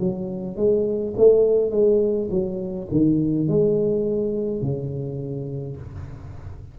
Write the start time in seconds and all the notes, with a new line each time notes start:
0.00 F#3
0.57 G#3
1.17 A3
1.71 G#3
2.31 F#3
2.92 D#3
3.48 G#3
4.62 C#3